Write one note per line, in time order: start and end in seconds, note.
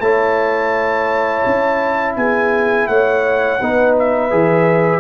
0.00 1.43 A3
0.00 3.60 E4
0.00 2.16 C#5
0.00 2.15 A5
1.45 2.17 C#4
2.16 2.88 B3
2.16 2.89 G#4
2.16 2.87 G#5
2.87 3.60 A3
2.87 3.60 C#5
2.87 3.94 F#5
3.60 4.32 B3
3.60 4.30 D#4
3.60 5.00 B4
3.99 5.00 E5
4.30 5.00 E3
4.30 5.00 G#4